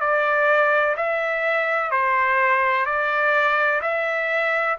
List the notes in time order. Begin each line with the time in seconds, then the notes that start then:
0.00 D5
0.96 E5
1.91 C5
2.86 D5
3.82 E5